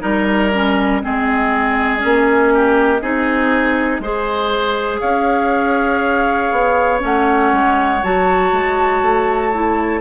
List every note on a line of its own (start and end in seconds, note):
0.00 1.03 G3
0.00 0.50 D#4
0.00 1.02 A#4
0.00 5.00 D#5
0.53 1.02 C#4
1.02 2.04 G#3
1.02 1.98 C4
1.02 2.54 G#4
1.98 3.01 A#3
1.98 2.98 C#4
2.54 3.01 G4
3.01 3.99 C4
3.01 4.02 D#4
3.01 4.01 G#4
3.99 4.99 G#3
3.99 6.99 G#4
3.99 5.00 C5
5.00 6.51 C#4
5.00 10.00 C#5
5.00 7.00 F5
6.51 7.01 B3
6.99 7.52 A3
6.99 7.99 C#4
6.99 8.04 F#5
7.52 8.02 G#3
8.03 8.52 F#3
8.03 9.53 F#4
8.03 10.01 A5
8.52 9.01 G#3
9.01 10.01 A3
9.53 10.01 E4